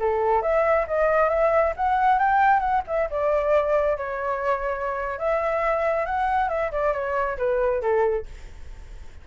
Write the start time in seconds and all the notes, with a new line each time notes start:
0.00 A4
0.43 E5
0.88 D#5
1.30 E5
1.77 F#5
2.19 G5
2.60 F#5
2.87 E5
3.11 D5
3.97 C#5
5.19 E5
6.06 F#5
6.49 E5
6.72 D5
6.93 C#5
7.38 B4
7.82 A4